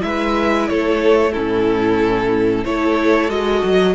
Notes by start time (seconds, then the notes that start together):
0.00 G#3 E4 B4 E5
0.68 A3 A4 C#5
1.33 A2 C#4 E4 A4
2.65 A3 E4 A4 C#5
3.29 G#3 F#4 D#5
3.64 F#3